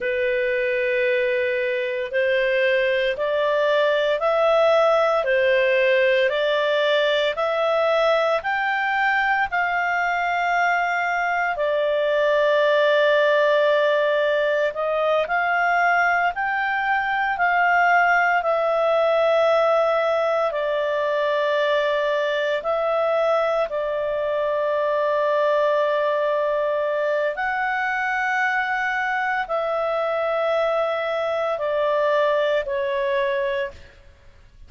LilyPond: \new Staff \with { instrumentName = "clarinet" } { \time 4/4 \tempo 4 = 57 b'2 c''4 d''4 | e''4 c''4 d''4 e''4 | g''4 f''2 d''4~ | d''2 dis''8 f''4 g''8~ |
g''8 f''4 e''2 d''8~ | d''4. e''4 d''4.~ | d''2 fis''2 | e''2 d''4 cis''4 | }